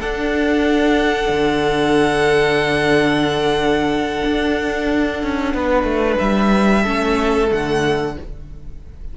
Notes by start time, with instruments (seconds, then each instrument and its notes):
0.00 cello D4, viola D4, violin A4 F#5
1.30 cello D3
4.25 cello D4
5.23 cello C#4
5.54 cello B3, violin B4
5.84 cello A3
6.18 cello G3, violin E5
6.82 cello A3, viola C#4, violin A4
7.48 cello D3, viola A3, violin F#5